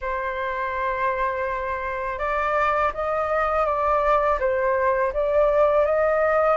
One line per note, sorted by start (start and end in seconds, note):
0.01 2.18 C5
2.18 2.91 D5
2.93 3.65 D#5
3.65 4.38 D5
4.39 5.12 C5
5.13 5.85 D5
5.85 6.57 D#5